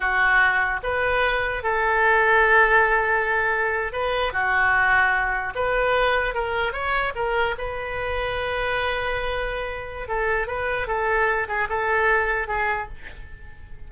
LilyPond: \new Staff \with { instrumentName = "oboe" } { \time 4/4 \tempo 4 = 149 fis'2 b'2 | a'1~ | a'4.~ a'16 b'4 fis'4~ fis'16~ | fis'4.~ fis'16 b'2 ais'16~ |
ais'8. cis''4 ais'4 b'4~ b'16~ | b'1~ | b'4 a'4 b'4 a'4~ | a'8 gis'8 a'2 gis'4 | }